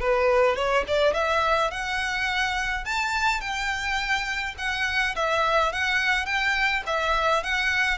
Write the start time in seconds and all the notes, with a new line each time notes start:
0.00 B4
0.56 C#5
0.88 D5
1.14 E5
1.71 F#5
2.85 A5
3.41 G5
4.58 F#5
5.16 E5
5.72 F#5
6.26 G5
6.86 E5
7.43 F#5